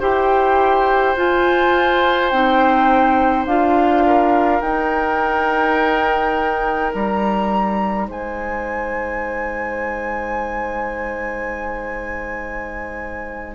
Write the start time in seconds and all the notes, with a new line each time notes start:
0.00 E4 G4 C5 G5
1.16 F4 G#5
2.30 C4 D#4 G5
3.46 D4 F4 F5
4.06 A#4
4.61 D#4 G5
6.93 G3 A#5
8.07 G#3 C5 G#5